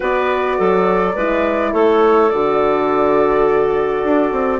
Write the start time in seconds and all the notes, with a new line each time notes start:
0.00 B3 F#4 B4 D5
0.57 F#3 A4
1.14 G#3 E4 B4
1.72 A3 A4 C#5
2.30 D3 F#4 D5
4.03 D4
4.32 C4